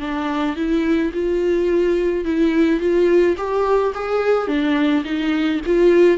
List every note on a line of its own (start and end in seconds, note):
0.00 0.56 D4
0.56 1.12 E4
1.13 2.25 F4
2.25 2.80 E4
2.80 3.36 F4
3.37 3.94 G4
3.95 4.48 G#4
4.48 5.04 D4
5.05 5.61 D#4
5.66 6.18 F4